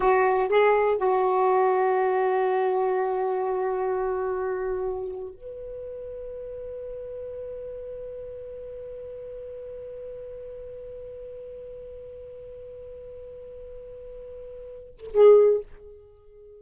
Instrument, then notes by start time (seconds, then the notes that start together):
saxophone
0.00 F#4
0.48 G#4
0.97 F#4
5.34 B4
14.98 A4
15.13 G#4